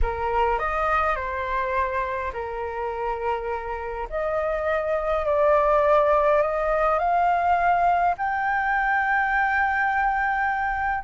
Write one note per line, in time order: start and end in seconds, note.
0.02 0.58 A#4
0.58 1.15 D#5
1.15 2.31 C5
2.33 4.08 A#4
4.09 5.25 D#5
5.25 6.42 D5
6.42 6.98 D#5
6.98 8.15 F5
8.17 11.04 G5